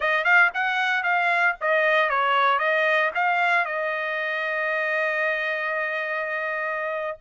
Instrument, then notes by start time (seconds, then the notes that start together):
trumpet
0.00 D#5
0.24 F5
0.54 F#5
1.03 F5
1.60 D#5
2.09 C#5
2.58 D#5
3.14 F5
3.65 D#5